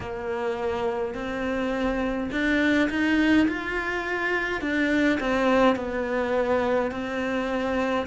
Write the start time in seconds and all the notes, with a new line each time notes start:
0.00 A#3
1.14 C4
2.31 D4
2.89 D#4
3.48 F4
4.61 D4
5.19 C4
5.75 B3
6.91 C4